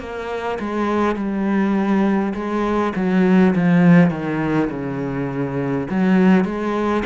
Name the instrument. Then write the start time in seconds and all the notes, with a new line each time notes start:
cello
0.00 A#3
0.59 G#3
1.16 G3
2.34 G#3
2.96 F#3
3.55 F3
4.10 D#3
4.70 C#3
5.90 F#3
6.44 G#3